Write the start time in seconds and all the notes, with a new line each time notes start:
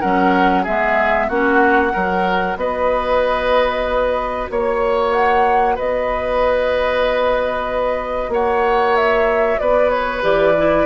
0.00 F#3 C#4 A#4 F#5
0.63 G#3 B3 G#4 E5
1.28 A#3 C#4 F#4 F#5
1.90 F#3 F#4 A#4
2.56 B3 B4 D#5
4.50 A#3 C#5
5.12 F#5
5.75 B3 B4 D#5
8.28 A#3 C#5 F#5
8.96 E5
9.58 B3 B4 D5
9.89 C#5
10.22 E3 G4 D5
10.58 E4